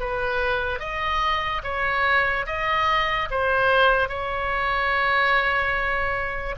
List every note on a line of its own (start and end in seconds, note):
0.00 0.80 B4
0.80 1.62 D#5
1.64 2.46 C#5
2.47 3.29 D#5
3.31 4.09 C5
4.09 6.55 C#5